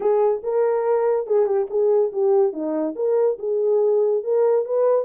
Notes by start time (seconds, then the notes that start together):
0.00 G#4
0.43 A#4
1.26 G#4
1.46 G4
1.69 G#4
2.12 G4
2.52 D#4
2.95 A#4
3.39 G#4
4.23 A#4
4.65 B4